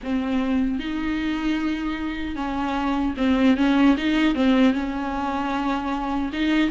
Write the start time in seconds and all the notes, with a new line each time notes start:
0.03 C4
0.79 D#4
2.35 C#4
3.17 C4
3.56 C#4
3.97 D#4
4.35 C4
4.73 C#4
6.32 D#4